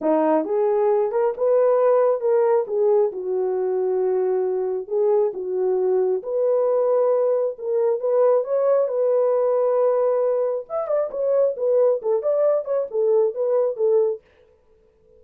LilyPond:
\new Staff \with { instrumentName = "horn" } { \time 4/4 \tempo 4 = 135 dis'4 gis'4. ais'8 b'4~ | b'4 ais'4 gis'4 fis'4~ | fis'2. gis'4 | fis'2 b'2~ |
b'4 ais'4 b'4 cis''4 | b'1 | e''8 d''8 cis''4 b'4 a'8 d''8~ | d''8 cis''8 a'4 b'4 a'4 | }